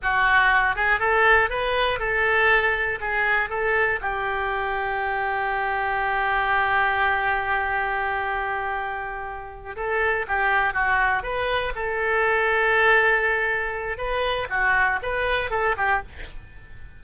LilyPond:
\new Staff \with { instrumentName = "oboe" } { \time 4/4 \tempo 4 = 120 fis'4. gis'8 a'4 b'4 | a'2 gis'4 a'4 | g'1~ | g'1~ |
g'2.~ g'8 a'8~ | a'8 g'4 fis'4 b'4 a'8~ | a'1 | b'4 fis'4 b'4 a'8 g'8 | }